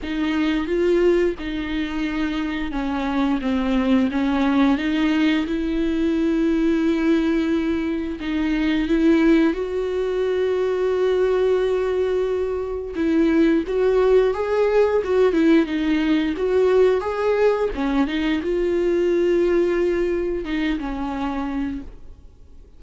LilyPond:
\new Staff \with { instrumentName = "viola" } { \time 4/4 \tempo 4 = 88 dis'4 f'4 dis'2 | cis'4 c'4 cis'4 dis'4 | e'1 | dis'4 e'4 fis'2~ |
fis'2. e'4 | fis'4 gis'4 fis'8 e'8 dis'4 | fis'4 gis'4 cis'8 dis'8 f'4~ | f'2 dis'8 cis'4. | }